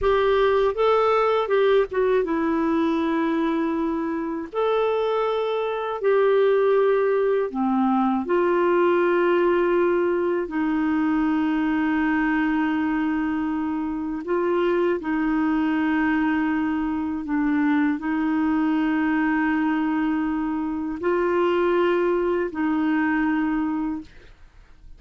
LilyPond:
\new Staff \with { instrumentName = "clarinet" } { \time 4/4 \tempo 4 = 80 g'4 a'4 g'8 fis'8 e'4~ | e'2 a'2 | g'2 c'4 f'4~ | f'2 dis'2~ |
dis'2. f'4 | dis'2. d'4 | dis'1 | f'2 dis'2 | }